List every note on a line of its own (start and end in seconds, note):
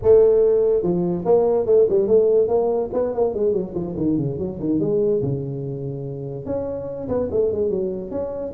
0.02 0.82 A3
0.82 1.24 F3
1.25 1.66 A#3
1.66 1.87 A3
1.89 2.07 G3
2.07 2.48 A3
2.48 2.89 A#3
2.93 3.14 B3
3.14 3.34 A#3
3.34 3.52 G#3
3.52 3.73 F#3
3.74 3.95 F3
3.96 4.17 D#3
4.17 4.38 C#3
4.38 4.59 F#3
4.59 4.80 D#3
4.80 5.21 G#3
5.22 6.45 C#3
6.45 7.08 C#4
7.08 7.29 B3
7.31 7.52 A3
7.52 7.70 G#3
7.70 8.10 F#3
8.10 8.52 C#4